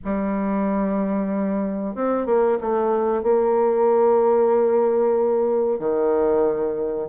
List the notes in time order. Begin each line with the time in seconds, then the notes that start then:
0.04 G3
1.95 C4
2.26 A#3
2.60 A3
3.22 A#3
5.79 D#3